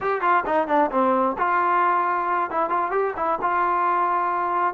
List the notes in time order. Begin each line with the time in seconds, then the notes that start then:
0.00 G4
0.21 F4
0.46 D#4
0.67 D4
0.91 C4
1.38 F4
2.50 E4
2.69 F4
2.91 G4
3.16 E4
3.41 F4